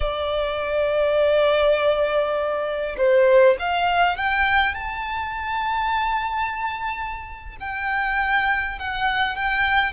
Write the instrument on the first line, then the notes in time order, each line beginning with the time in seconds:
violin
0.00 D5
2.97 C5
3.59 F5
4.17 G5
4.74 A5
7.60 G5
8.78 F#5
9.36 G5